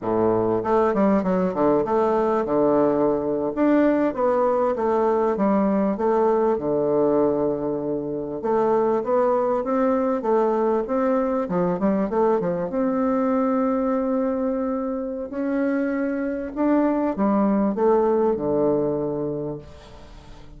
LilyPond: \new Staff \with { instrumentName = "bassoon" } { \time 4/4 \tempo 4 = 98 a,4 a8 g8 fis8 d8 a4 | d4.~ d16 d'4 b4 a16~ | a8. g4 a4 d4~ d16~ | d4.~ d16 a4 b4 c'16~ |
c'8. a4 c'4 f8 g8 a16~ | a16 f8 c'2.~ c'16~ | c'4 cis'2 d'4 | g4 a4 d2 | }